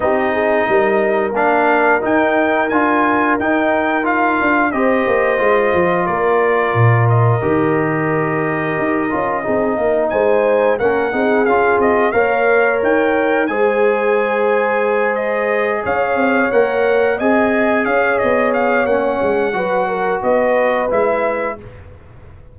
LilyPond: <<
  \new Staff \with { instrumentName = "trumpet" } { \time 4/4 \tempo 4 = 89 dis''2 f''4 g''4 | gis''4 g''4 f''4 dis''4~ | dis''4 d''4. dis''4.~ | dis''2. gis''4 |
fis''4 f''8 dis''8 f''4 g''4 | gis''2~ gis''8 dis''4 f''8~ | f''8 fis''4 gis''4 f''8 dis''8 f''8 | fis''2 dis''4 e''4 | }
  \new Staff \with { instrumentName = "horn" } { \time 4/4 g'8 gis'8 ais'2.~ | ais'2. c''4~ | c''4 ais'2.~ | ais'2 gis'8 ais'8 c''4 |
ais'8 gis'4. cis''2 | c''2.~ c''8 cis''8~ | cis''4. dis''4 cis''4.~ | cis''4 b'8 ais'8 b'2 | }
  \new Staff \with { instrumentName = "trombone" } { \time 4/4 dis'2 d'4 dis'4 | f'4 dis'4 f'4 g'4 | f'2. g'4~ | g'4. f'8 dis'2 |
cis'8 dis'8 f'4 ais'2 | gis'1~ | gis'8 ais'4 gis'2~ gis'8 | cis'4 fis'2 e'4 | }
  \new Staff \with { instrumentName = "tuba" } { \time 4/4 c'4 g4 ais4 dis'4 | d'4 dis'4. d'8 c'8 ais8 | gis8 f8 ais4 ais,4 dis4~ | dis4 dis'8 cis'8 c'8 ais8 gis4 |
ais8 c'8 cis'8 c'8 ais4 dis'4 | gis2.~ gis8 cis'8 | c'8 ais4 c'4 cis'8 b4 | ais8 gis8 fis4 b4 gis4 | }
>>